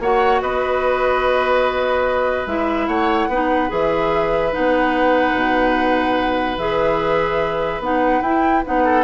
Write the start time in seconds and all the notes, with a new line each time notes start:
0.00 A#3 F#4 C#5 F#5
0.42 B3 B4 D#5
2.47 G#3 E4 E5
2.88 A3 C#5 F#5
3.28 B3 D#4 B4
3.69 E3 G#4 E5
4.52 B3 D#4 F#5
5.35 B2
6.58 E3 G#4 E5
7.80 B3 D#4 F#5
8.22 E4 G5
8.64 B3 D#4 F#5
8.85 A4